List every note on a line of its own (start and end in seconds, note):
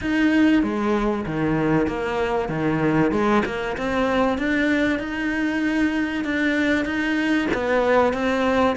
0.01 0.62 D#4
0.62 1.25 G#3
1.26 1.87 D#3
1.87 2.49 A#3
2.49 3.11 D#3
3.11 3.42 G#3
3.45 3.76 A#3
3.77 4.38 C4
4.38 4.99 D4
4.99 6.24 D#4
6.24 6.85 D4
6.85 7.47 D#4
7.53 8.13 B3
8.13 8.75 C4